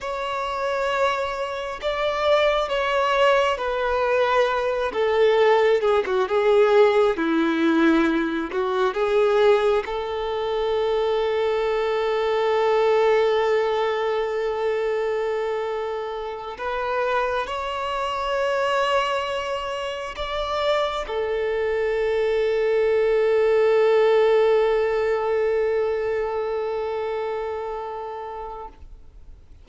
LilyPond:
\new Staff \with { instrumentName = "violin" } { \time 4/4 \tempo 4 = 67 cis''2 d''4 cis''4 | b'4. a'4 gis'16 fis'16 gis'4 | e'4. fis'8 gis'4 a'4~ | a'1~ |
a'2~ a'8 b'4 cis''8~ | cis''2~ cis''8 d''4 a'8~ | a'1~ | a'1 | }